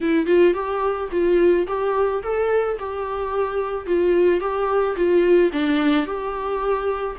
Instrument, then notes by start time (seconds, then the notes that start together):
viola
0.01 E4
0.26 F4
0.53 G4
1.11 F4
1.67 G4
2.22 A4
2.79 G4
3.86 F4
4.40 G4
4.95 F4
5.52 D4
6.06 G4